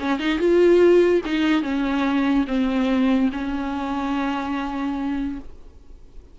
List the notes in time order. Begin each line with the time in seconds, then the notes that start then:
0.00 C#4
0.20 D#4
0.39 F4
1.25 D#4
1.63 C#4
2.48 C4
3.32 C#4